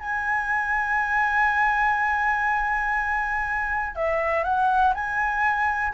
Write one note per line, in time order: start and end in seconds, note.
0.00 3.96 G#5
3.96 4.44 E5
4.44 4.94 F#5
4.95 5.94 G#5